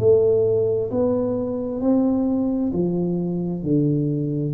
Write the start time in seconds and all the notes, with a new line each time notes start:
0.00 A3
0.91 B3
1.81 C4
2.73 F3
3.64 D3